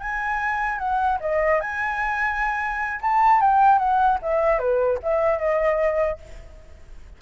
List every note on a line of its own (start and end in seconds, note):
0.00 0.78 G#5
0.78 1.18 F#5
1.21 1.60 D#5
1.60 3.00 G#5
3.01 3.41 A5
3.41 3.78 G5
3.78 4.18 F#5
4.22 4.59 E5
4.59 4.99 B4
5.03 5.38 E5
5.38 6.18 D#5